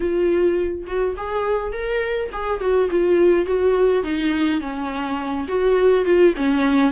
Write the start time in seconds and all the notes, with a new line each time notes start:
0.00 F4
0.86 F#4
1.16 G#4
1.72 A#4
2.32 G#4
2.60 F#4
2.90 F4
3.46 F#4
4.03 D#4
4.60 C#4
5.48 F#4
6.05 F4
6.36 C#4